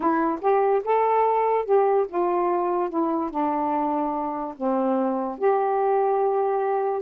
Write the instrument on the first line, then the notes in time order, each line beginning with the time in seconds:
saxophone
0.00 E4
0.41 G4
0.84 A4
1.65 G4
2.08 F4
2.89 E4
3.30 D4
4.56 C4
5.38 G4